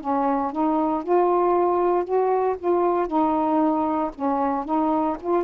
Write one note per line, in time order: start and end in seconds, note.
0.00 0.52 C#4
0.52 1.03 D#4
1.03 2.04 F4
2.04 2.56 F#4
2.59 3.07 F4
3.07 4.11 D#4
4.15 4.65 C#4
4.65 5.17 D#4
5.21 5.44 F4